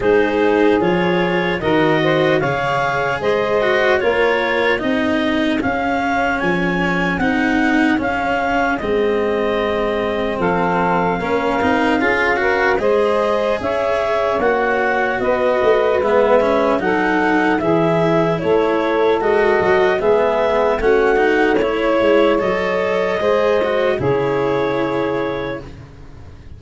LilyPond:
<<
  \new Staff \with { instrumentName = "clarinet" } { \time 4/4 \tempo 4 = 75 c''4 cis''4 dis''4 f''4 | dis''4 cis''4 dis''4 f''4 | gis''4 fis''4 f''4 dis''4~ | dis''4 f''2. |
dis''4 e''4 fis''4 dis''4 | e''4 fis''4 e''4 cis''4 | dis''4 e''4 fis''4 cis''4 | dis''2 cis''2 | }
  \new Staff \with { instrumentName = "saxophone" } { \time 4/4 gis'2 ais'8 c''8 cis''4 | c''4 ais'4 gis'2~ | gis'1~ | gis'4 a'4 ais'4 gis'8 ais'8 |
c''4 cis''2 b'4~ | b'4 a'4 gis'4 a'4~ | a'4 gis'4 fis'4 cis''4~ | cis''4 c''4 gis'2 | }
  \new Staff \with { instrumentName = "cello" } { \time 4/4 dis'4 f'4 fis'4 gis'4~ | gis'8 fis'8 f'4 dis'4 cis'4~ | cis'4 dis'4 cis'4 c'4~ | c'2 cis'8 dis'8 f'8 fis'8 |
gis'2 fis'2 | b8 cis'8 dis'4 e'2 | fis'4 b4 cis'8 dis'8 e'4 | a'4 gis'8 fis'8 e'2 | }
  \new Staff \with { instrumentName = "tuba" } { \time 4/4 gis4 f4 dis4 cis4 | gis4 ais4 c'4 cis'4 | f4 c'4 cis'4 gis4~ | gis4 f4 ais8 c'8 cis'4 |
gis4 cis'4 ais4 b8 a8 | gis4 fis4 e4 a4 | gis8 fis8 gis4 a4. gis8 | fis4 gis4 cis2 | }
>>